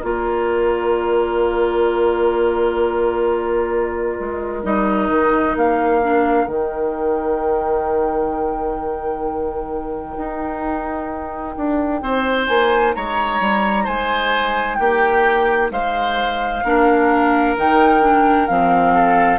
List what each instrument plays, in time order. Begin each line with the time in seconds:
0.00 bassoon A#3, clarinet F4, oboe A#4, flute D5
4.20 bassoon G#3
4.64 bassoon G3, clarinet D#4, flute D#5
5.10 bassoon D#3
5.56 bassoon A#3, flute F5
6.03 clarinet D4
6.47 bassoon D#3, clarinet D#4, flute G5
10.17 bassoon D#4
11.57 bassoon D4
12.02 bassoon C4, oboe C5
12.48 bassoon A#3, flute G#5
12.95 bassoon G#3, oboe C#5, flute A#5
13.41 bassoon G3
13.84 bassoon G#3, oboe C5, flute G#5
14.76 bassoon A#3, oboe G4, flute G5
15.71 bassoon G#3, oboe C5, flute F5
16.64 bassoon A#3, clarinet D4, oboe A#4
17.57 bassoon D#3, clarinet D#4, flute G5
18.02 clarinet D4
18.47 bassoon F3, clarinet C4, flute F5
18.95 oboe A4